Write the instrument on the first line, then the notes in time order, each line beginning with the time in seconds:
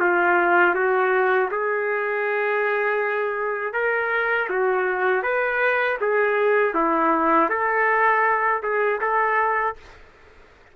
trumpet
0.00 F4
0.75 F#4
1.51 G#4
3.73 A#4
4.49 F#4
5.23 B4
6.01 G#4
6.74 E4
7.49 A4
8.63 G#4
9.01 A4